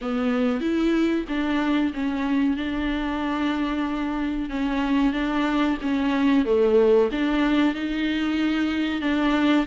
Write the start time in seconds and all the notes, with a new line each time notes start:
0.01 B3
0.60 E4
1.28 D4
1.93 C#4
2.56 D4
4.49 C#4
5.13 D4
5.81 C#4
6.45 A3
7.11 D4
7.74 D#4
9.01 D4